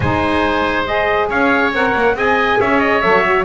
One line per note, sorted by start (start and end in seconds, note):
0.00 1.29 G#3
0.00 0.86 D#4
0.00 1.29 C5
0.00 0.85 G#5
0.86 1.72 G#4
0.86 1.29 D#5
1.29 1.72 C#4
1.29 2.15 C#5
1.29 1.73 F5
1.72 1.94 C4
1.72 2.15 A#4
1.72 2.17 F#5
1.95 2.14 A#3
2.14 2.57 C4
2.14 3.01 G#4
2.14 2.59 D#5
2.14 2.60 G#5
2.60 3.03 C#4
2.60 3.44 C#5
2.60 2.79 E5
2.79 3.01 D#5
3.01 3.44 F#3
3.01 3.23 A4
3.01 3.44 E5
3.23 3.44 F#4